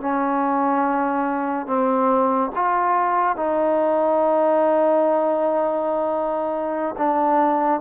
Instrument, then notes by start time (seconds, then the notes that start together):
trombone
0.00 C#4
1.66 C4
2.55 F4
3.36 D#4
6.98 D4